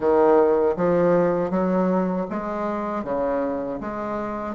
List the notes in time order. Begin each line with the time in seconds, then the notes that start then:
0.00 D#3
0.76 F3
1.50 F#3
2.30 G#3
3.04 C#3
3.80 G#3